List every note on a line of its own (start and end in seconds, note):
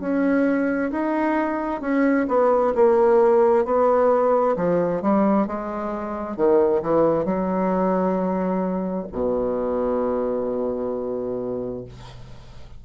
0.00 0.91 C#4
0.91 1.81 D#4
1.81 2.26 C#4
2.28 2.74 B3
2.75 3.64 A#3
3.64 4.55 B3
4.56 5.02 F3
5.02 5.47 G3
5.47 6.36 G#3
6.36 6.82 D#3
6.82 7.25 E3
7.25 9.07 F#3
9.12 11.85 B2